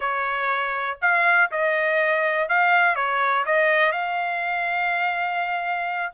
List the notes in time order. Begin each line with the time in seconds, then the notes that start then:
0.00 C#5
1.01 F5
1.51 D#5
2.48 F5
2.95 C#5
3.45 D#5
3.92 F5